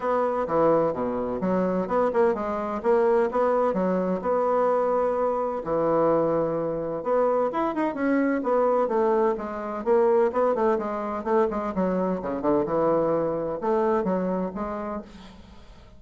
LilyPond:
\new Staff \with { instrumentName = "bassoon" } { \time 4/4 \tempo 4 = 128 b4 e4 b,4 fis4 | b8 ais8 gis4 ais4 b4 | fis4 b2. | e2. b4 |
e'8 dis'8 cis'4 b4 a4 | gis4 ais4 b8 a8 gis4 | a8 gis8 fis4 cis8 d8 e4~ | e4 a4 fis4 gis4 | }